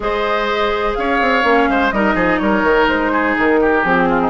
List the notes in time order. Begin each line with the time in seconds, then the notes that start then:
0.00 G#3 G#4 C5 D#5
0.94 C#4 C#5 F5
1.21 C4
1.43 A#3 C#4
1.69 G#3 C5
1.90 G3 D#4 A#4 D#5
2.15 F3 G#4
2.38 G3 A#4 C#5
2.63 D#3
2.87 G#3 C5
3.12 G#4
3.37 D#3 A#4
3.61 G4
3.83 F3 C4 G#4
4.08 F4
4.20 D#4